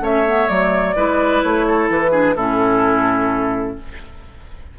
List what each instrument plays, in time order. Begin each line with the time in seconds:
0.00 bassoon A3, clarinet C#4, oboe C#5, flute E5
0.25 clarinet B3
0.47 bassoon F#3, clarinet A3, flute D5
0.96 bassoon G#3, clarinet E4, oboe B4
1.43 bassoon A3, flute C#5
1.67 oboe A4
1.89 bassoon E3, flute B4
2.11 clarinet D4, oboe G#4
2.35 bassoon A2, clarinet C#4, oboe E4, flute A4